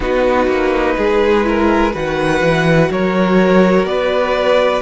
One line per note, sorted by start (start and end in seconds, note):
0.00 0.47 B3
0.00 1.43 D#4
0.00 0.96 F#4
0.00 1.95 B4
0.47 0.95 A#3
0.97 1.94 G#3
0.97 1.46 G#4
1.43 1.92 E4
1.43 1.93 A#4
1.93 2.41 D#3
1.93 4.82 F#4
1.93 2.89 B4
1.93 2.92 F#5
2.41 2.89 E3
2.90 3.83 F#3
2.90 3.88 A#4
2.90 3.85 C#5
3.83 4.80 B3
3.83 4.82 B4
3.83 4.82 D5